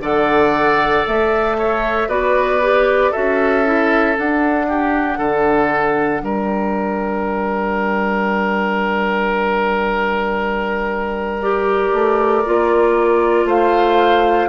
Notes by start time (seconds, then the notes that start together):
0.00 D3 A4 D5 F#5
1.06 A3 E5
1.58 C#5
2.08 B3 F#4 B4 D5
2.62 G4
3.11 C#4 F#4 A4 E5
3.65 E4
4.15 D4 F#5
4.68 G4
5.18 D3 A4
6.22 G3 A#4 G5
11.41 G4 D5
11.93 A3
12.45 A#3 F4
13.45 A3 C5 F5